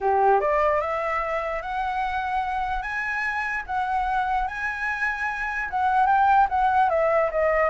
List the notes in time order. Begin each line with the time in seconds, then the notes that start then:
0.00 G4
0.40 D5
0.81 E5
1.62 F#5
2.82 G#5
3.66 F#5
4.47 G#5
5.70 F#5
6.06 G5
6.49 F#5
6.89 E5
7.31 D#5